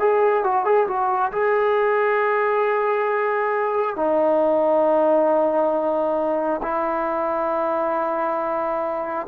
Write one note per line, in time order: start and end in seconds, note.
0.00 0.44 G#4
0.44 0.65 F#4
0.65 0.87 G#4
0.88 1.32 F#4
1.33 3.97 G#4
3.97 6.61 D#4
6.63 9.27 E4